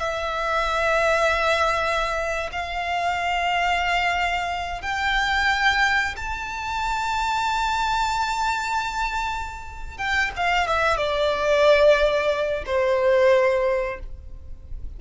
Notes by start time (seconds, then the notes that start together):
0.00 E5
2.52 F5
4.82 G5
6.17 A5
9.98 G5
10.37 F5
10.68 E5
10.98 D5
12.66 C5